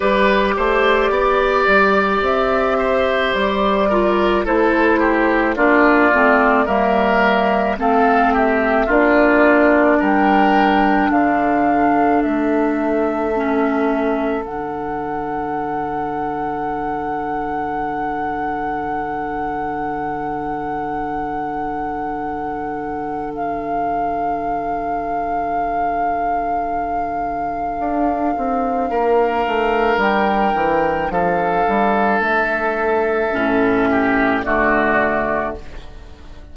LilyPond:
<<
  \new Staff \with { instrumentName = "flute" } { \time 4/4 \tempo 4 = 54 d''2 e''4 d''4 | c''4 d''4 e''4 f''8 e''8 | d''4 g''4 f''4 e''4~ | e''4 fis''2.~ |
fis''1~ | fis''4 f''2.~ | f''2. g''4 | f''4 e''2 d''4 | }
  \new Staff \with { instrumentName = "oboe" } { \time 4/4 b'8 c''8 d''4. c''4 ais'8 | a'8 g'8 f'4 ais'4 a'8 g'8 | f'4 ais'4 a'2~ | a'1~ |
a'1~ | a'1~ | a'2 ais'2 | a'2~ a'8 g'8 fis'4 | }
  \new Staff \with { instrumentName = "clarinet" } { \time 4/4 g'2.~ g'8 f'8 | e'4 d'8 c'8 ais4 c'4 | d'1 | cis'4 d'2.~ |
d'1~ | d'1~ | d'1~ | d'2 cis'4 a4 | }
  \new Staff \with { instrumentName = "bassoon" } { \time 4/4 g8 a8 b8 g8 c'4 g4 | a4 ais8 a8 g4 a4 | ais4 g4 d4 a4~ | a4 d2.~ |
d1~ | d1~ | d4 d'8 c'8 ais8 a8 g8 e8 | f8 g8 a4 a,4 d4 | }
>>